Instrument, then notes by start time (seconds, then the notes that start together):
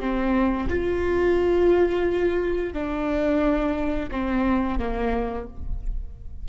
viola
0.00 C4
0.69 F4
2.73 D4
4.11 C4
4.79 A#3